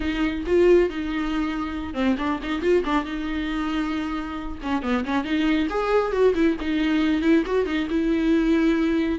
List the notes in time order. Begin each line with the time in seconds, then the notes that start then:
0.00 D#4
0.46 F4
0.89 D#4
1.94 C4
2.18 D4
2.42 D#4
2.61 F4
2.84 D4
3.05 D#4
4.62 C#4
4.82 B3
5.05 C#4
5.24 D#4
5.69 G#4
6.11 F#4
6.34 E4
6.60 D#4
7.21 E4
7.46 F#4
7.66 D#4
7.90 E4